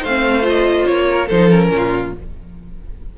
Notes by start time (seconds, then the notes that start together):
0.00 A3 C5 F5
0.06 C4
0.42 F4
0.49 D#5
0.86 A#3 C#5
1.11 A#4
1.27 F3 D#4 A4 C5
1.49 C#4 A#4
1.70 A#2
1.76 F4